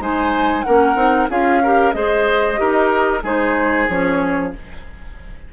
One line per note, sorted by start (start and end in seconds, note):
0.00 0.65 G#3
0.00 0.65 D#4
0.00 0.66 C5
0.00 0.63 G#5
0.63 0.96 A#3
0.63 0.96 C#4
0.63 1.31 A#4
0.63 1.28 F#5
0.96 1.28 C4
0.96 1.28 D#4
1.30 1.95 C#4
1.30 1.63 F4
1.30 1.63 G#4
1.30 1.93 F5
1.63 1.94 G4
1.63 1.95 A#4
1.93 2.59 G#3
1.93 2.56 G#4
1.93 2.60 C5
1.93 3.22 D#5
2.56 3.24 D#4
2.56 3.21 G4
2.56 3.24 A#4
3.24 3.88 G#3
3.24 3.89 D#4
3.24 4.53 G#4
3.24 3.89 C5
3.89 4.54 F3
3.89 4.54 C#4
3.89 4.54 C#5